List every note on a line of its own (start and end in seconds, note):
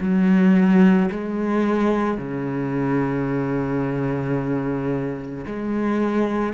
0.00 1.09 F#3
1.11 2.17 G#3
2.17 5.44 C#3
5.46 6.53 G#3